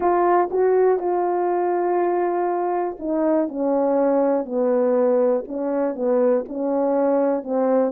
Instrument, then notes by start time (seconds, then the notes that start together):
horn
0.00 F4
0.50 F#4
0.98 F4
2.99 D#4
3.48 C#4
4.45 B3
5.47 C#4
5.95 B3
6.48 C#4
7.43 C4